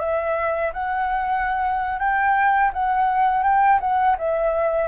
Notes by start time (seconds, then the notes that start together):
0.00 E5
0.74 F#5
1.99 G5
2.73 F#5
3.43 G5
3.81 F#5
4.18 E5